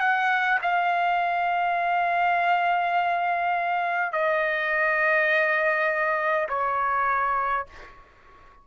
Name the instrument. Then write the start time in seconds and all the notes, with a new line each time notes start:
trumpet
0.00 F#5
0.62 F5
4.13 D#5
6.49 C#5